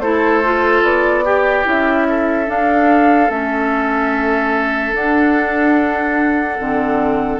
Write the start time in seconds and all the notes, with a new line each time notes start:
0.00 A3 E4 A4 C5
0.44 F4
0.83 B3 D5
1.25 G4
1.64 C#4 E4 E5
2.09 A4
2.46 D4 F5
3.30 A3 C#4 E5
4.94 D4 F#5
6.59 D3 C4